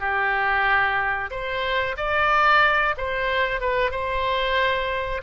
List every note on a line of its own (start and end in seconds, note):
0.00 1.30 G4
1.31 1.96 C5
1.97 2.95 D5
2.98 3.61 C5
3.61 3.92 B4
3.92 5.22 C5